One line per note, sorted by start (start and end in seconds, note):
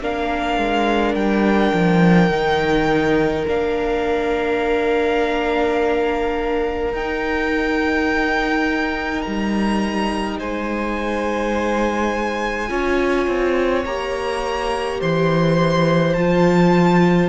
0.00 0.57 A#3
0.00 2.30 D4
0.00 10.38 A#4
0.00 1.14 F5
0.57 1.14 G#3
1.14 1.72 G3
1.14 3.45 G5
1.73 2.29 F3
2.29 3.44 D#3
2.29 3.45 D#4
3.47 6.92 A#3
3.47 6.93 D4
3.47 6.94 F5
6.92 9.23 D#4
6.92 12.68 D#4
6.92 9.21 G5
9.21 10.40 G3
9.21 10.37 A#5
10.38 12.69 G#3
10.38 12.69 C5
10.38 13.85 G#5
12.68 13.27 C#4
12.68 13.83 F4
12.68 15.00 C#5
13.27 13.84 C4
13.85 15.00 A#3
13.85 16.15 G4
13.85 15.00 A#5
15.00 16.16 E3
15.00 17.29 C5
15.00 16.13 C6
16.13 17.29 F3
16.13 17.29 F4
16.13 17.28 A5